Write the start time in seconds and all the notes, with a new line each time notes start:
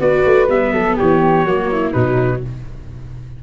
0.00 B3 F#4 B4 D5
0.25 A3
0.48 G3 B3 E5
0.72 F#3 A4
0.96 E3 G4 C#5
1.45 F#3 A#3 F#4
1.71 E4
1.93 B2 F#3 D#4 B4